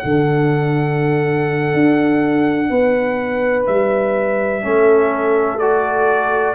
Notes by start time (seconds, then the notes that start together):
0.00 D3 D4 F#5
0.07 A4
1.74 D4
2.70 B3 B4
3.67 G3 E5
4.62 A3 C#4 A4
5.59 F#4 D5